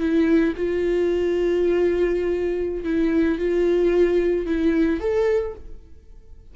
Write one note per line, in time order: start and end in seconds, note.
0.00 0.54 E4
0.57 2.84 F4
2.84 3.38 E4
3.39 4.46 F4
4.46 5.00 E4
5.00 5.54 A4